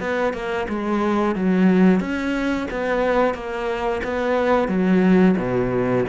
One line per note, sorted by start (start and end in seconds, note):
0.00 0.34 B3
0.34 0.67 A#3
0.69 1.36 G#3
1.36 2.00 F#3
2.00 2.68 C#4
2.71 3.35 B3
3.35 4.02 A#3
4.04 4.69 B3
4.69 5.36 F#3
5.38 6.05 B2